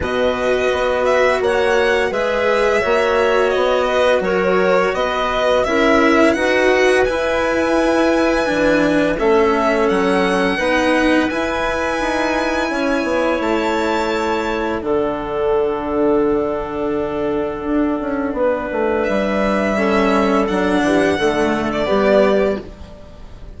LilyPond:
<<
  \new Staff \with { instrumentName = "violin" } { \time 4/4 \tempo 4 = 85 dis''4. e''8 fis''4 e''4~ | e''4 dis''4 cis''4 dis''4 | e''4 fis''4 gis''2~ | gis''4 e''4 fis''2 |
gis''2. a''4~ | a''4 fis''2.~ | fis''2. e''4~ | e''4 fis''4.~ fis''16 d''4~ d''16 | }
  \new Staff \with { instrumentName = "clarinet" } { \time 4/4 b'2 cis''4 b'4 | cis''4. b'8 ais'4 b'4 | ais'4 b'2.~ | b'4 a'2 b'4~ |
b'2 cis''2~ | cis''4 a'2.~ | a'2 b'2 | a'4. g'8 a'4 g'4 | }
  \new Staff \with { instrumentName = "cello" } { \time 4/4 fis'2. gis'4 | fis'1 | e'4 fis'4 e'2 | d'4 cis'2 dis'4 |
e'1~ | e'4 d'2.~ | d'1 | cis'4 d'4 a4 b4 | }
  \new Staff \with { instrumentName = "bassoon" } { \time 4/4 b,4 b4 ais4 gis4 | ais4 b4 fis4 b4 | cis'4 dis'4 e'2 | e4 a4 fis4 b4 |
e'4 dis'4 cis'8 b8 a4~ | a4 d2.~ | d4 d'8 cis'8 b8 a8 g4~ | g4 fis8 e8 d4 g4 | }
>>